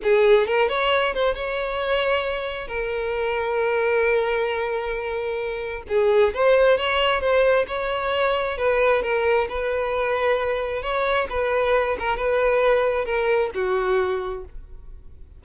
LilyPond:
\new Staff \with { instrumentName = "violin" } { \time 4/4 \tempo 4 = 133 gis'4 ais'8 cis''4 c''8 cis''4~ | cis''2 ais'2~ | ais'1~ | ais'4 gis'4 c''4 cis''4 |
c''4 cis''2 b'4 | ais'4 b'2. | cis''4 b'4. ais'8 b'4~ | b'4 ais'4 fis'2 | }